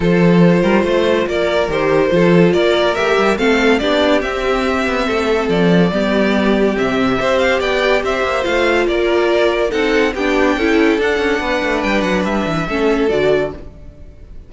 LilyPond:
<<
  \new Staff \with { instrumentName = "violin" } { \time 4/4 \tempo 4 = 142 c''2. d''4 | c''2 d''4 e''4 | f''4 d''4 e''2~ | e''4 d''2. |
e''4. f''8 g''4 e''4 | f''4 d''2 fis''4 | g''2 fis''2 | g''8 fis''8 e''2 d''4 | }
  \new Staff \with { instrumentName = "violin" } { \time 4/4 a'4. ais'8 c''4 ais'4~ | ais'4 a'4 ais'2 | a'4 g'2. | a'2 g'2~ |
g'4 c''4 d''4 c''4~ | c''4 ais'2 a'4 | g'4 a'2 b'4~ | b'2 a'2 | }
  \new Staff \with { instrumentName = "viola" } { \time 4/4 f'1 | g'4 f'2 g'4 | c'4 d'4 c'2~ | c'2 b2 |
c'4 g'2. | f'2. dis'4 | d'4 e'4 d'2~ | d'2 cis'4 fis'4 | }
  \new Staff \with { instrumentName = "cello" } { \time 4/4 f4. g8 a4 ais4 | dis4 f4 ais4 a8 g8 | a4 b4 c'4. b8 | a4 f4 g2 |
c4 c'4 b4 c'8 ais8 | a4 ais2 c'4 | b4 cis'4 d'8 cis'8 b8 a8 | g8 fis8 g8 e8 a4 d4 | }
>>